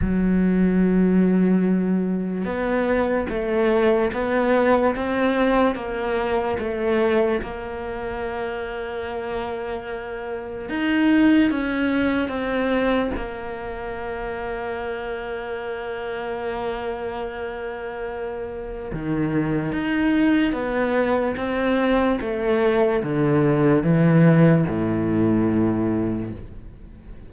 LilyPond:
\new Staff \with { instrumentName = "cello" } { \time 4/4 \tempo 4 = 73 fis2. b4 | a4 b4 c'4 ais4 | a4 ais2.~ | ais4 dis'4 cis'4 c'4 |
ais1~ | ais2. dis4 | dis'4 b4 c'4 a4 | d4 e4 a,2 | }